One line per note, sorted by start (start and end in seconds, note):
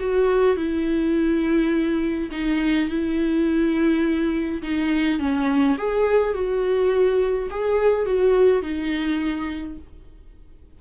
0.00 0.57 F#4
0.57 2.30 E4
2.31 2.89 D#4
2.89 4.62 E4
4.62 5.19 D#4
5.19 5.77 C#4
5.78 6.34 G#4
6.34 7.49 F#4
7.51 8.06 G#4
8.06 8.62 F#4
8.62 9.78 D#4